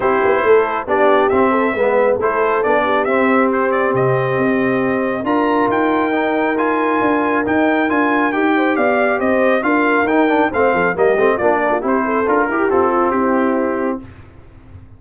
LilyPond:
<<
  \new Staff \with { instrumentName = "trumpet" } { \time 4/4 \tempo 4 = 137 c''2 d''4 e''4~ | e''4 c''4 d''4 e''4 | c''8 d''8 dis''2. | ais''4 g''2 gis''4~ |
gis''4 g''4 gis''4 g''4 | f''4 dis''4 f''4 g''4 | f''4 dis''4 d''4 c''4 | ais'4 a'4 g'2 | }
  \new Staff \with { instrumentName = "horn" } { \time 4/4 g'4 a'4 g'4. a'8 | b'4 a'4. g'4.~ | g'1 | ais'1~ |
ais'2.~ ais'8 c''8 | d''4 c''4 ais'2 | c''8 a'8 g'4 f'8 ais'16 f'16 g'8 a'8~ | a'8 g'4 f'8 e'2 | }
  \new Staff \with { instrumentName = "trombone" } { \time 4/4 e'2 d'4 c'4 | b4 e'4 d'4 c'4~ | c'1 | f'2 dis'4 f'4~ |
f'4 dis'4 f'4 g'4~ | g'2 f'4 dis'8 d'8 | c'4 ais8 c'8 d'4 e'4 | f'8 g'8 c'2. | }
  \new Staff \with { instrumentName = "tuba" } { \time 4/4 c'8 b8 a4 b4 c'4 | gis4 a4 b4 c'4~ | c'4 c4 c'2 | d'4 dis'2. |
d'4 dis'4 d'4 dis'4 | b4 c'4 d'4 dis'4 | a8 f8 g8 a8 ais4 c'4 | d'8 e'8 f'4 c'2 | }
>>